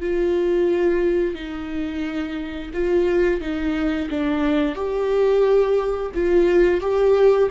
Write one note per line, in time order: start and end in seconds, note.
0.00 1.35 F4
1.35 2.71 D#4
2.73 3.41 F4
3.41 4.09 D#4
4.10 4.75 D4
4.75 6.11 G4
6.14 6.81 F4
6.81 7.49 G4